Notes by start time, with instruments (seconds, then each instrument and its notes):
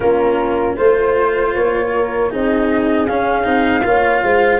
0.00 tuba A#3, cello C#4, horn F4, flute A#4
0.75 tuba A3, cello F4, horn C5, flute C5
1.54 tuba A#3, flute C#5
1.95 horn A#4
2.30 tuba C4, cello D#4, horn G#4, flute D#5
3.07 cello C#4, tuba C#4, flute F5
3.43 tuba C4, cello D#4
3.83 tuba A#3, cello F4, horn C#5
4.23 tuba G#3, horn C5